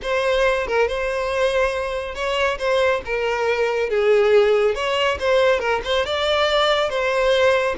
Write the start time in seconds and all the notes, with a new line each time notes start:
0.02 C5
0.67 A#4
0.88 C5
2.14 C#5
2.58 C5
3.05 A#4
3.89 G#4
4.74 C#5
5.19 C5
5.59 A#4
5.84 C5
6.05 D5
6.89 C5